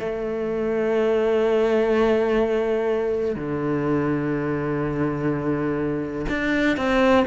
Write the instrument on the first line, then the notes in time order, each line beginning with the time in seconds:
cello
0.00 A3
3.36 D3
6.29 D4
6.77 C4